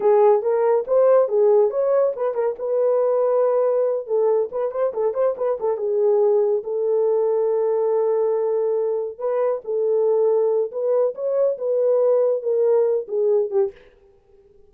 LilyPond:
\new Staff \with { instrumentName = "horn" } { \time 4/4 \tempo 4 = 140 gis'4 ais'4 c''4 gis'4 | cis''4 b'8 ais'8 b'2~ | b'4. a'4 b'8 c''8 a'8 | c''8 b'8 a'8 gis'2 a'8~ |
a'1~ | a'4. b'4 a'4.~ | a'4 b'4 cis''4 b'4~ | b'4 ais'4. gis'4 g'8 | }